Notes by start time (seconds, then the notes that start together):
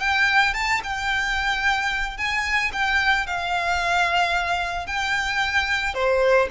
0.00 G5
0.54 A5
0.84 G5
2.18 G#5
2.73 G5
3.27 F5
4.87 G5
5.94 C5